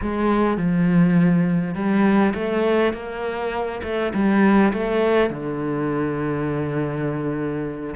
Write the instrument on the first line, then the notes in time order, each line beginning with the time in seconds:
cello
0.01 G#3
0.57 F3
1.75 G3
2.34 A3
2.93 A#3
3.83 A3
4.14 G3
4.73 A3
5.30 D3